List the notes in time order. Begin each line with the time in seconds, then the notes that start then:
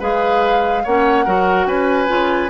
0.00 G#3 G#4 B4 F5
0.84 A#3 C#4 C#5 F#5
1.25 F#3 F#4 A#4
1.66 C#4 B4 G#5
2.08 C#3 F4